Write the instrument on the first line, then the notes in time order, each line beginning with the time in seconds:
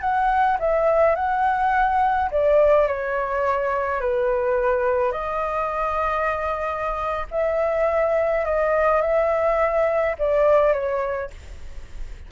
flute
0.00 F#5
0.59 E5
1.15 F#5
2.30 D5
2.87 C#5
4.00 B4
5.12 D#5
7.31 E5
8.44 D#5
9.01 E5
10.18 D5
10.73 C#5